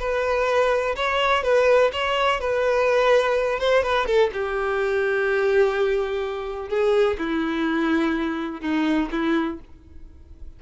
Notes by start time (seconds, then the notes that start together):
0.00 B4
0.96 C#5
1.44 B4
1.93 C#5
2.41 B4
3.60 C5
3.84 B4
4.06 A4
4.33 G4
6.69 G#4
7.18 E4
8.61 D#4
9.12 E4